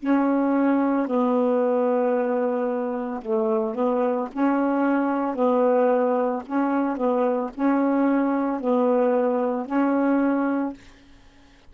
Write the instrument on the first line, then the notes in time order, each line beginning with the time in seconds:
saxophone
0.00 C#4
1.07 B3
3.22 A3
3.75 B3
4.33 C#4
5.36 B3
6.46 C#4
6.97 B3
7.55 C#4
8.61 B3
9.66 C#4